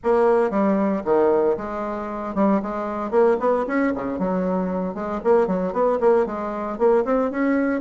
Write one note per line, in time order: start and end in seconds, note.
0.03 0.50 A#3
0.50 1.02 G3
1.04 1.57 D#3
1.57 2.34 G#3
2.34 2.60 G3
2.62 3.10 G#3
3.10 3.36 A#3
3.39 3.65 B3
3.67 3.93 C#4
3.94 4.19 C#3
4.19 4.94 F#3
4.94 5.20 G#3
5.24 5.47 A#3
5.47 5.72 F#3
5.72 5.98 B3
6.00 6.26 A#3
6.26 6.78 G#3
6.78 7.04 A#3
7.04 7.30 C4
7.30 7.81 C#4